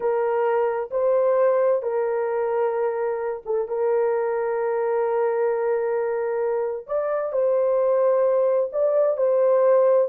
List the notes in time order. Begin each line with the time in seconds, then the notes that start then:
0.00 A#4
0.90 C5
1.82 A#4
3.45 A4
3.68 A#4
6.87 D5
7.32 C5
8.72 D5
9.17 C5